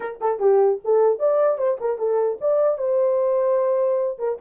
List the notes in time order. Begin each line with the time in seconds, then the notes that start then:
0.00 A#4
0.21 A4
0.39 G4
0.84 A4
1.19 D5
1.58 C5
1.80 A#4
1.98 A4
2.41 D5
2.78 C5
4.18 A#4